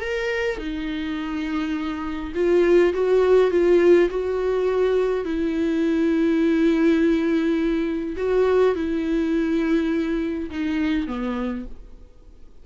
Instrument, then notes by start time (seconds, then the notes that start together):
viola
0.00 A#4
0.58 D#4
2.35 F4
2.93 F#4
3.51 F4
4.09 F#4
5.25 E4
8.17 F#4
8.75 E4
10.50 D#4
11.07 B3